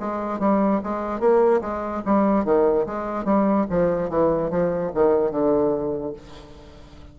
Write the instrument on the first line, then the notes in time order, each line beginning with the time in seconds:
bassoon
0.00 G#3
0.40 G3
0.84 G#3
1.20 A#3
1.61 G#3
2.06 G3
2.45 D#3
2.87 G#3
3.25 G3
3.70 F3
4.10 E3
4.51 F3
4.95 D#3
5.32 D3